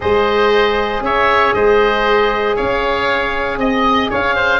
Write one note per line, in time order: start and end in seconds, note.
0.00 1.00 G#3
0.00 4.60 G#4
0.00 1.03 C5
0.00 1.03 D#5
1.00 1.52 C#4
1.00 1.55 C#5
1.00 1.53 E5
1.53 2.56 G#3
1.53 2.55 C5
1.53 2.56 D#5
2.55 3.57 C#4
2.55 3.58 C#5
2.55 3.59 F5
3.57 4.08 C4
3.57 4.10 D#5
4.10 4.60 C#4
4.10 4.35 C#5
4.10 4.60 F5
4.35 4.60 C5